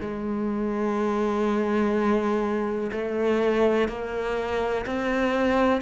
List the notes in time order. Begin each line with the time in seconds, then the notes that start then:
0.00 G#3
2.92 A3
3.88 A#3
4.86 C4